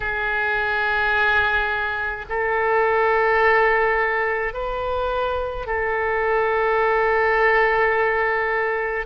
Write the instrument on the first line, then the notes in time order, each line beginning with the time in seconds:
oboe
0.00 G#4
2.29 A4
4.53 B4
5.66 A4